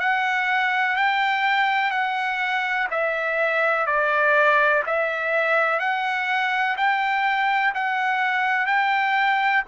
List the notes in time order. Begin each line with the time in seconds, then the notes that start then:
0.00 F#5
0.96 G5
1.91 F#5
2.91 E5
3.87 D5
4.87 E5
5.80 F#5
6.77 G5
7.75 F#5
8.67 G5